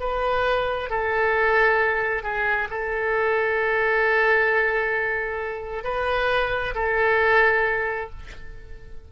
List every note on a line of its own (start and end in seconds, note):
0.00 0.90 B4
0.90 2.23 A4
2.23 2.68 G#4
2.71 5.84 A4
5.84 6.75 B4
6.75 8.10 A4